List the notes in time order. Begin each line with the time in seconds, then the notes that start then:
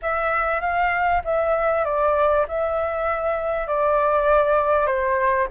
0.01 E5
0.60 F5
1.24 E5
1.85 D5
2.47 E5
3.67 D5
4.86 C5